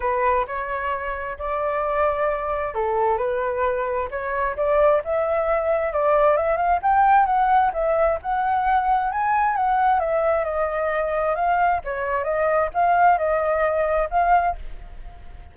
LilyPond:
\new Staff \with { instrumentName = "flute" } { \time 4/4 \tempo 4 = 132 b'4 cis''2 d''4~ | d''2 a'4 b'4~ | b'4 cis''4 d''4 e''4~ | e''4 d''4 e''8 f''8 g''4 |
fis''4 e''4 fis''2 | gis''4 fis''4 e''4 dis''4~ | dis''4 f''4 cis''4 dis''4 | f''4 dis''2 f''4 | }